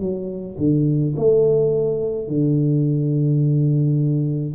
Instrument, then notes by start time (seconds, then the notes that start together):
tuba
0.00 F#3
0.58 D3
1.17 A3
2.28 D3